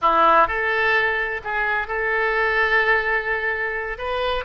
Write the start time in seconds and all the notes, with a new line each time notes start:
0.01 E4
0.47 A4
1.44 G#4
1.87 A4
3.98 B4